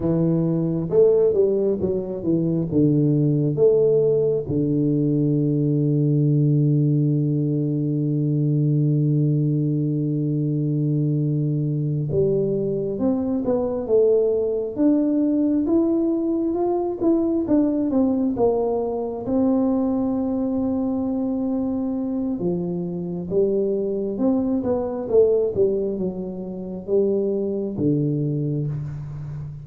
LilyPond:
\new Staff \with { instrumentName = "tuba" } { \time 4/4 \tempo 4 = 67 e4 a8 g8 fis8 e8 d4 | a4 d2.~ | d1~ | d4. g4 c'8 b8 a8~ |
a8 d'4 e'4 f'8 e'8 d'8 | c'8 ais4 c'2~ c'8~ | c'4 f4 g4 c'8 b8 | a8 g8 fis4 g4 d4 | }